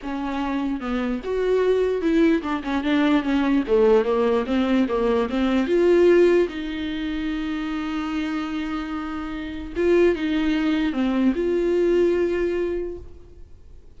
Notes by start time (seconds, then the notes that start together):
0.02 C#4
0.80 B3
1.23 F#4
2.01 E4
2.42 D4
2.63 C#4
2.83 D4
3.22 C#4
3.67 A3
4.04 A#3
4.46 C4
4.88 A#3
5.29 C4
5.66 F4
6.48 D#4
9.76 F4
10.15 D#4
10.92 C4
11.35 F4